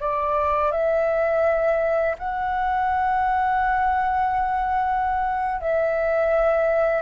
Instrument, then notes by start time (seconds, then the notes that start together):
flute
0.00 D5
0.71 E5
2.19 F#5
5.61 E5